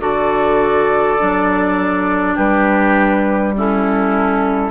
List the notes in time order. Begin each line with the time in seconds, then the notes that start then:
0.00 D3 F#4 A4 D5
1.19 F#3 D4
2.35 G3 G4 B4
3.57 C#4 E4 A4